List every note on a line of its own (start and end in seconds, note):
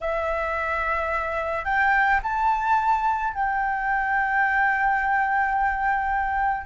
0.00 1.64 E5
1.64 2.20 G5
2.22 3.33 A5
3.33 6.66 G5